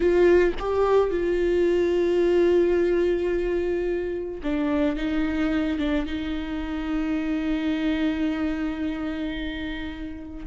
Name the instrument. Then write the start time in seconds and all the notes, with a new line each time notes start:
viola
0.00 F4
0.59 G4
1.10 F4
4.43 D4
4.96 D#4
5.78 D4
6.06 D#4